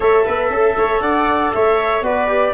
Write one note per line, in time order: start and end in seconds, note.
0.00 0.25 A3
0.00 2.01 A4
0.00 0.24 C#5
0.00 1.00 E5
0.24 0.50 B3
0.24 0.50 B4
0.50 0.75 C#4
0.50 0.77 A4
0.77 1.00 A3
0.77 1.02 C#5
1.00 1.51 D4
1.00 1.53 D5
1.00 1.51 F#5
1.52 2.01 A3
1.52 2.03 C#5
1.52 2.03 E5
2.01 2.52 B3
2.01 2.28 F#4
2.01 2.53 B4
2.01 2.53 D5
2.28 2.53 G4